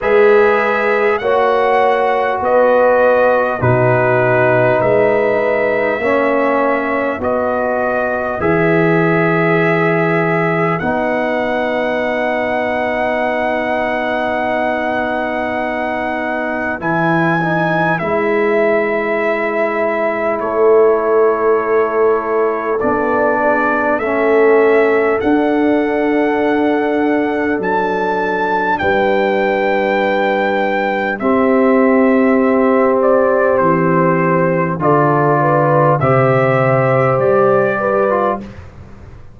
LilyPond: <<
  \new Staff \with { instrumentName = "trumpet" } { \time 4/4 \tempo 4 = 50 e''4 fis''4 dis''4 b'4 | e''2 dis''4 e''4~ | e''4 fis''2.~ | fis''2 gis''4 e''4~ |
e''4 cis''2 d''4 | e''4 fis''2 a''4 | g''2 e''4. d''8 | c''4 d''4 e''4 d''4 | }
  \new Staff \with { instrumentName = "horn" } { \time 4/4 b'4 cis''4 b'4 fis'4 | b'4 cis''4 b'2~ | b'1~ | b'1~ |
b'4 a'2~ a'8 gis'8 | a'1 | b'2 g'2~ | g'4 a'8 b'8 c''4. b'8 | }
  \new Staff \with { instrumentName = "trombone" } { \time 4/4 gis'4 fis'2 dis'4~ | dis'4 cis'4 fis'4 gis'4~ | gis'4 dis'2.~ | dis'2 e'8 dis'8 e'4~ |
e'2. d'4 | cis'4 d'2.~ | d'2 c'2~ | c'4 f'4 g'4.~ g'16 f'16 | }
  \new Staff \with { instrumentName = "tuba" } { \time 4/4 gis4 ais4 b4 b,4 | gis4 ais4 b4 e4~ | e4 b2.~ | b2 e4 gis4~ |
gis4 a2 b4 | a4 d'2 fis4 | g2 c'2 | e4 d4 c4 g4 | }
>>